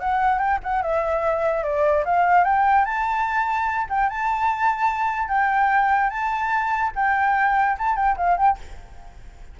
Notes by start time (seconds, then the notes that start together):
0.00 F#5
0.39 G5
0.63 F#5
0.82 E5
1.63 D5
2.05 F5
2.44 G5
2.85 A5
3.89 G5
4.09 A5
5.28 G5
6.10 A5
6.95 G5
7.78 A5
7.96 G5
8.17 F5
8.37 G5